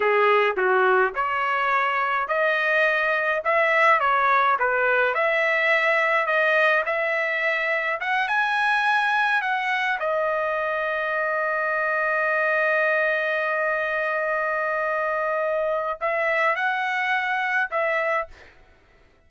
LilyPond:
\new Staff \with { instrumentName = "trumpet" } { \time 4/4 \tempo 4 = 105 gis'4 fis'4 cis''2 | dis''2 e''4 cis''4 | b'4 e''2 dis''4 | e''2 fis''8 gis''4.~ |
gis''8 fis''4 dis''2~ dis''8~ | dis''1~ | dis''1 | e''4 fis''2 e''4 | }